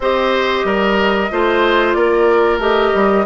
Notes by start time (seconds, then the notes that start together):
0.00 C4 G4 C5 D#5
0.64 G3 A#4
1.31 A3 F4 C5
1.93 A#3 A#4 D5
2.58 A3 G4 D#5
2.94 G3